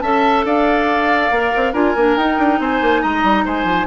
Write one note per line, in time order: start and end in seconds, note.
0.00 0.44 C#4
0.00 1.32 A4
0.00 0.45 E5
0.00 0.43 A5
0.44 1.30 D4
0.44 1.72 D5
0.44 1.74 F5
1.31 1.52 A#3
1.31 1.74 A#4
1.56 1.73 C4
1.72 1.94 D4
1.72 1.95 F4
1.72 2.58 A#4
1.72 2.17 G#5
1.95 2.16 A#3
1.95 2.18 D4
2.16 2.38 D#4
2.16 3.86 D#4
2.16 2.60 G5
2.38 2.59 D4
2.59 2.81 C4
2.59 3.02 C5
2.59 3.02 G#5
2.81 3.02 A#3
3.02 3.23 G#3
3.02 3.45 D#5
3.02 3.45 A#5
3.23 3.44 G3
3.45 3.64 G#3
3.45 3.86 C5
3.45 3.86 G#5
3.64 3.85 F3